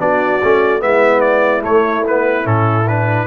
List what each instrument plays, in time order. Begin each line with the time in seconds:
0.00 tuba B3, trombone D4, horn F#4, trumpet D5
0.43 tuba A3, trombone C#4
0.80 tuba G#3, trombone B3, horn E4, trumpet E5
1.21 trumpet D5
1.61 trombone A3, tuba A3, trumpet C#5
2.07 trombone B3, trumpet B4
2.44 tuba A2, trombone C#4, trumpet A4
2.88 trombone D4, trumpet B4